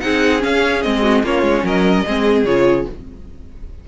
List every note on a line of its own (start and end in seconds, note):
0.00 0.44 C4
0.00 0.40 D#4
0.00 1.01 G#4
0.00 0.41 F#5
0.40 0.80 C#4
0.40 0.85 C#4
0.40 0.83 F5
0.83 1.24 G#3
0.83 1.25 C4
0.83 1.24 D#5
1.01 1.22 F#4
1.24 1.42 A#3
1.24 2.06 C#4
1.24 1.64 F4
1.24 1.67 C#5
1.42 1.63 G#3
1.63 2.04 F#3
1.63 2.05 A#4
1.63 2.45 D#5
2.06 2.45 G#3
2.06 2.47 C4
2.06 2.88 G#4
2.45 2.86 C#3
2.45 2.87 F4
2.45 2.86 C#5